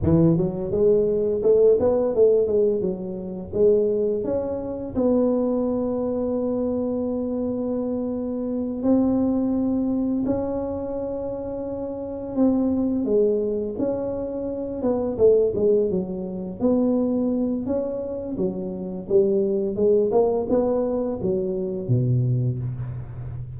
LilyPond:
\new Staff \with { instrumentName = "tuba" } { \time 4/4 \tempo 4 = 85 e8 fis8 gis4 a8 b8 a8 gis8 | fis4 gis4 cis'4 b4~ | b1~ | b8 c'2 cis'4.~ |
cis'4. c'4 gis4 cis'8~ | cis'4 b8 a8 gis8 fis4 b8~ | b4 cis'4 fis4 g4 | gis8 ais8 b4 fis4 b,4 | }